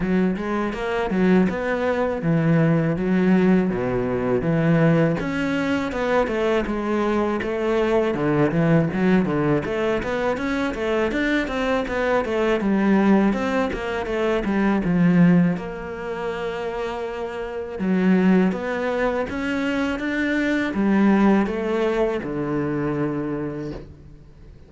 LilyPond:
\new Staff \with { instrumentName = "cello" } { \time 4/4 \tempo 4 = 81 fis8 gis8 ais8 fis8 b4 e4 | fis4 b,4 e4 cis'4 | b8 a8 gis4 a4 d8 e8 | fis8 d8 a8 b8 cis'8 a8 d'8 c'8 |
b8 a8 g4 c'8 ais8 a8 g8 | f4 ais2. | fis4 b4 cis'4 d'4 | g4 a4 d2 | }